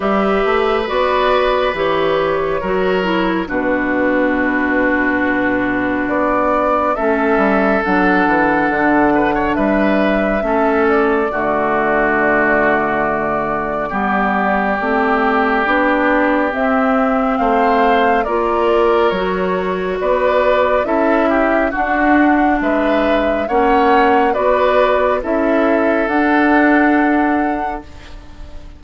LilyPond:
<<
  \new Staff \with { instrumentName = "flute" } { \time 4/4 \tempo 4 = 69 e''4 d''4 cis''2 | b'2. d''4 | e''4 fis''2 e''4~ | e''8 d''2.~ d''8~ |
d''2. e''4 | f''4 d''4 cis''4 d''4 | e''4 fis''4 e''4 fis''4 | d''4 e''4 fis''2 | }
  \new Staff \with { instrumentName = "oboe" } { \time 4/4 b'2. ais'4 | fis'1 | a'2~ a'8 b'16 cis''16 b'4 | a'4 fis'2. |
g'1 | c''4 ais'2 b'4 | a'8 g'8 fis'4 b'4 cis''4 | b'4 a'2. | }
  \new Staff \with { instrumentName = "clarinet" } { \time 4/4 g'4 fis'4 g'4 fis'8 e'8 | d'1 | cis'4 d'2. | cis'4 a2. |
b4 c'4 d'4 c'4~ | c'4 f'4 fis'2 | e'4 d'2 cis'4 | fis'4 e'4 d'2 | }
  \new Staff \with { instrumentName = "bassoon" } { \time 4/4 g8 a8 b4 e4 fis4 | b,2. b4 | a8 g8 fis8 e8 d4 g4 | a4 d2. |
g4 a4 b4 c'4 | a4 ais4 fis4 b4 | cis'4 d'4 gis4 ais4 | b4 cis'4 d'2 | }
>>